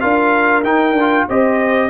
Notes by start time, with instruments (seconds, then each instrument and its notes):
0.00 tuba D4, trombone F4, horn A#4, trumpet F5
0.63 tuba D#4, trombone D#4, trumpet G5
0.92 tuba D4
1.00 trombone F4
1.28 tuba C4, trombone G4, horn C5, trumpet D#5